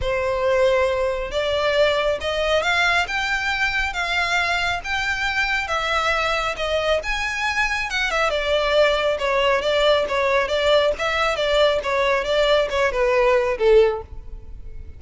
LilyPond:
\new Staff \with { instrumentName = "violin" } { \time 4/4 \tempo 4 = 137 c''2. d''4~ | d''4 dis''4 f''4 g''4~ | g''4 f''2 g''4~ | g''4 e''2 dis''4 |
gis''2 fis''8 e''8 d''4~ | d''4 cis''4 d''4 cis''4 | d''4 e''4 d''4 cis''4 | d''4 cis''8 b'4. a'4 | }